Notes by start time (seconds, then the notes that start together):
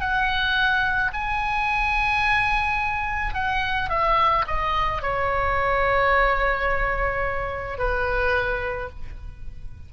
0.00 F#5
1.13 G#5
3.34 F#5
3.90 E5
4.47 D#5
5.02 C#5
7.78 B4